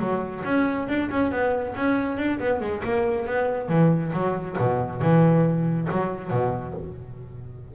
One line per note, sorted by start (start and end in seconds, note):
0.00 0.43 F#3
0.45 0.88 C#4
0.88 1.10 D4
1.10 1.31 C#4
1.31 1.75 B3
1.76 2.18 C#4
2.18 2.39 D4
2.40 2.61 B3
2.61 2.83 G#3
2.84 3.26 A#3
3.26 3.69 B3
3.69 4.12 E3
4.13 4.57 F#3
4.58 5.01 B2
5.01 5.88 E3
5.91 6.31 F#3
6.31 6.75 B2